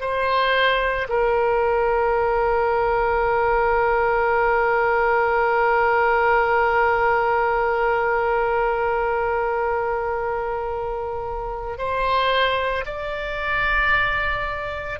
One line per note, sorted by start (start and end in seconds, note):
0.00 1.07 C5
1.09 11.78 A#4
11.78 12.85 C5
12.85 15.00 D5